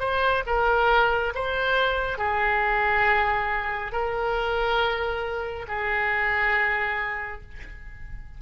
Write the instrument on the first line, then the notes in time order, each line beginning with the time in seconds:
oboe
0.00 C5
0.46 A#4
1.35 C5
2.18 G#4
3.92 A#4
5.68 G#4